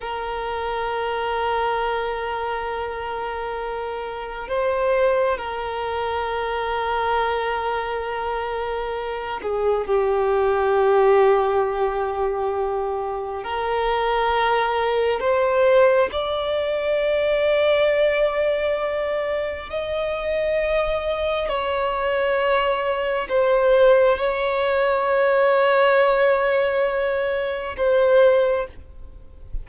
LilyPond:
\new Staff \with { instrumentName = "violin" } { \time 4/4 \tempo 4 = 67 ais'1~ | ais'4 c''4 ais'2~ | ais'2~ ais'8 gis'8 g'4~ | g'2. ais'4~ |
ais'4 c''4 d''2~ | d''2 dis''2 | cis''2 c''4 cis''4~ | cis''2. c''4 | }